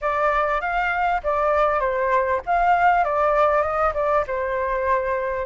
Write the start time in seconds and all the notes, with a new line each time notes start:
0.01 D5
0.60 F5
1.23 D5
1.80 C5
2.45 F5
3.04 D5
3.62 D#5
3.94 D5
4.27 C5